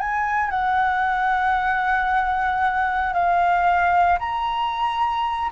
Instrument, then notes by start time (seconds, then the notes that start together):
flute
0.00 G#5
0.51 F#5
3.14 F5
4.19 A#5